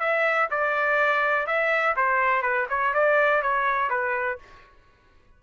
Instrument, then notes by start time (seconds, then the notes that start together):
trumpet
0.00 E5
0.51 D5
1.47 E5
1.97 C5
2.42 B4
2.70 C#5
2.94 D5
3.42 C#5
3.90 B4